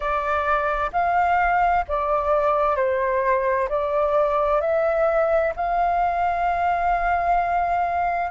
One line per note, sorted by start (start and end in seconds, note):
0.00 0.91 D5
0.92 1.84 F5
1.88 2.76 D5
2.76 3.68 C5
3.68 4.60 D5
4.60 5.53 E5
5.56 8.30 F5